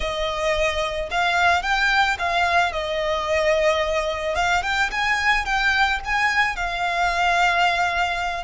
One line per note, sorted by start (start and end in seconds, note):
0.00 1.09 D#5
1.11 1.62 F5
1.62 2.17 G5
2.18 2.72 F5
2.72 4.35 D#5
4.35 4.62 F5
4.62 4.90 G5
4.91 5.45 G#5
5.45 5.99 G5
6.04 6.56 G#5
6.56 8.43 F5